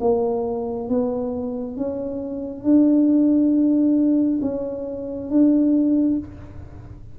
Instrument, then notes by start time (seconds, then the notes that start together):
tuba
0.00 A#3
0.88 B3
1.76 C#4
2.63 D4
4.41 C#4
5.29 D4